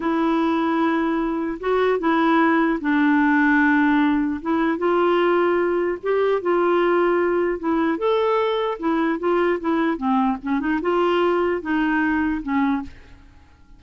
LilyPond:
\new Staff \with { instrumentName = "clarinet" } { \time 4/4 \tempo 4 = 150 e'1 | fis'4 e'2 d'4~ | d'2. e'4 | f'2. g'4 |
f'2. e'4 | a'2 e'4 f'4 | e'4 c'4 cis'8 dis'8 f'4~ | f'4 dis'2 cis'4 | }